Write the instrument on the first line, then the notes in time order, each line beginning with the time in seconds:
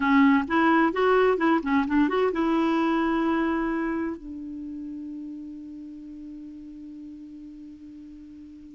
clarinet
0.00 C#4
0.47 E4
0.92 F#4
1.37 E4
1.62 C#4
1.87 D4
2.08 F#4
2.32 E4
4.16 D4